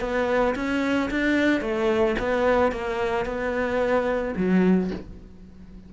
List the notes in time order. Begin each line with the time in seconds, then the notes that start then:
0.00 B3
0.55 C#4
1.11 D4
1.61 A3
2.19 B3
2.72 A#3
3.25 B3
4.36 F#3